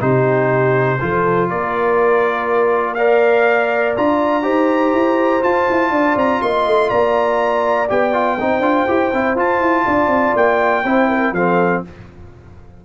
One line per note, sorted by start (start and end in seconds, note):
0.00 0.99 C3
0.00 0.98 D#4
0.00 0.99 G4
0.00 1.49 C5
1.00 1.50 F3
1.00 2.97 F4
1.00 1.49 A4
1.49 3.96 A#3
1.49 2.97 A#4
1.49 2.94 D5
2.94 3.96 A#4
2.94 4.43 D5
2.94 3.92 F5
3.96 4.45 D4
3.96 4.42 F4
3.96 5.43 A#5
4.42 4.93 D#4
4.42 5.40 G4
4.42 5.91 C5
4.93 5.42 E4
5.41 7.87 F4
5.41 5.68 F4
5.41 6.17 A5
5.69 5.90 E4
5.90 6.15 D4
5.90 6.41 D5
6.15 6.40 C4
6.15 6.42 A#5
6.41 6.66 A#3
6.41 6.90 D#5
6.41 6.89 C6
6.66 6.90 A3
6.89 7.89 A#3
6.89 8.38 D5
6.89 7.88 A#5
7.89 8.39 B3
7.89 8.13 G4
7.89 9.37 G5
8.13 8.37 F4
8.39 8.59 C4
8.39 8.62 D#4
8.39 9.85 C5
8.59 8.84 D4
8.59 8.86 F4
8.87 9.12 E4
8.87 9.11 G4
9.12 9.35 C4
9.12 9.37 E4
9.35 9.59 F4
9.35 10.84 F4
9.35 10.36 A5
9.59 9.84 E4
9.85 10.07 D4
9.85 10.84 D5
10.07 10.32 C4
10.35 10.84 A#3
10.35 11.34 G5
10.84 11.32 C4
10.84 11.35 E4
10.84 11.08 C5
11.08 11.33 A#4
11.32 11.81 F3
11.32 11.84 C4
11.32 11.83 A4
11.32 11.83 F5